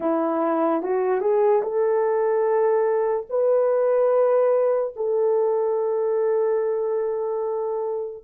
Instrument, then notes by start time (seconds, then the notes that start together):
horn
0.00 E4
0.82 F#4
1.21 G#4
1.62 A4
3.29 B4
4.96 A4